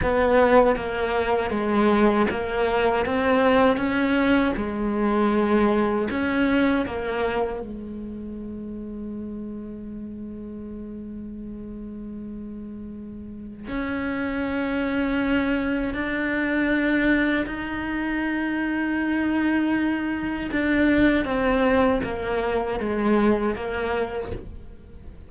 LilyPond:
\new Staff \with { instrumentName = "cello" } { \time 4/4 \tempo 4 = 79 b4 ais4 gis4 ais4 | c'4 cis'4 gis2 | cis'4 ais4 gis2~ | gis1~ |
gis2 cis'2~ | cis'4 d'2 dis'4~ | dis'2. d'4 | c'4 ais4 gis4 ais4 | }